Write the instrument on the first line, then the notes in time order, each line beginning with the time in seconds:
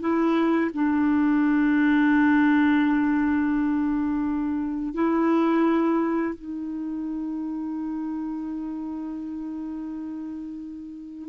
clarinet
0.00 E4
0.74 D4
4.94 E4
6.35 D#4